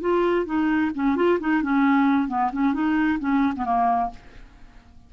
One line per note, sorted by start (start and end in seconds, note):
0.00 0.45 F4
0.45 0.91 D#4
0.94 1.15 C#4
1.15 1.38 F4
1.39 1.62 D#4
1.62 2.28 C#4
2.28 2.50 B3
2.52 2.73 C#4
2.73 3.19 D#4
3.19 3.53 C#4
3.56 3.64 B3
3.64 4.10 A#3